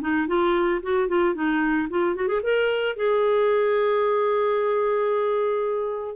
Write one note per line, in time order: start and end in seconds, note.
0.00 0.27 D#4
0.27 0.81 F4
0.82 1.08 F#4
1.08 1.34 F4
1.34 1.88 D#4
1.89 2.15 F4
2.15 2.27 F#4
2.27 2.41 G#4
2.43 2.96 A#4
2.96 6.16 G#4